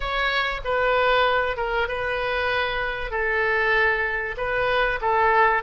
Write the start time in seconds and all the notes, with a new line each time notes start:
0.00 C#5
0.64 B4
1.56 A#4
1.88 B4
3.10 A4
4.37 B4
5.01 A4